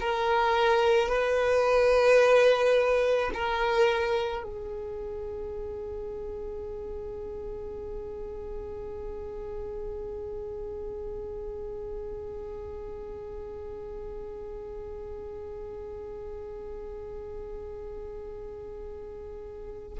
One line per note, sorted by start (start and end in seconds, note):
0.00 1.09 A#4
1.09 3.31 B4
3.34 4.43 A#4
4.43 19.99 G#4